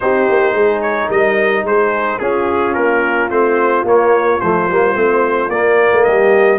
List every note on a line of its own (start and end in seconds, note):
0.00 0.29 C4
0.00 2.21 D#4
0.00 0.54 G4
0.00 0.81 C5
0.29 0.53 A#3
0.53 1.08 G#3
0.53 1.08 G#4
0.81 1.09 C#5
1.08 1.63 G3
1.08 1.64 A#4
1.08 1.66 D#5
1.63 2.18 G#3
1.63 2.21 G#4
1.63 2.18 C5
2.18 2.75 C#4
2.18 3.30 C#4
2.18 6.05 F4
2.18 2.74 G#4
2.74 3.30 A#3
2.74 3.29 A#4
3.30 3.83 A3
3.30 3.85 C4
3.30 3.85 C5
3.83 4.38 A#3
3.83 4.40 A#3
3.83 4.40 C#5
4.40 4.69 F3
4.40 4.70 A3
4.40 5.50 C5
4.69 4.95 G3
4.69 4.94 A#3
4.94 5.49 A3
4.94 5.49 C4
5.49 5.90 A#3
5.49 6.59 A#3
5.49 6.04 D5
5.92 6.06 A3
6.04 6.59 G3
6.04 6.59 G4
6.04 6.59 D#5